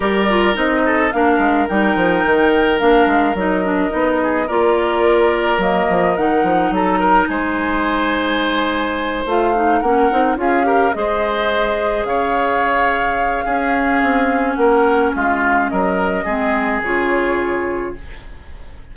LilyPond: <<
  \new Staff \with { instrumentName = "flute" } { \time 4/4 \tempo 4 = 107 d''4 dis''4 f''4 g''4~ | g''4 f''4 dis''2 | d''2 dis''4 fis''4 | ais''4 gis''2.~ |
gis''8 f''4 fis''4 f''4 dis''8~ | dis''4. f''2~ f''8~ | f''2 fis''4 f''4 | dis''2 cis''2 | }
  \new Staff \with { instrumentName = "oboe" } { \time 4/4 ais'4. a'8 ais'2~ | ais'2.~ ais'8 gis'8 | ais'1 | a'8 ais'8 c''2.~ |
c''4. ais'4 gis'8 ais'8 c''8~ | c''4. cis''2~ cis''8 | gis'2 ais'4 f'4 | ais'4 gis'2. | }
  \new Staff \with { instrumentName = "clarinet" } { \time 4/4 g'8 f'8 dis'4 d'4 dis'4~ | dis'4 d'4 dis'8 d'8 dis'4 | f'2 ais4 dis'4~ | dis'1~ |
dis'8 f'8 dis'8 cis'8 dis'8 f'8 g'8 gis'8~ | gis'1 | cis'1~ | cis'4 c'4 f'2 | }
  \new Staff \with { instrumentName = "bassoon" } { \time 4/4 g4 c'4 ais8 gis8 g8 f8 | dis4 ais8 gis8 fis4 b4 | ais2 fis8 f8 dis8 f8 | fis4 gis2.~ |
gis8 a4 ais8 c'8 cis'4 gis8~ | gis4. cis2~ cis8 | cis'4 c'4 ais4 gis4 | fis4 gis4 cis2 | }
>>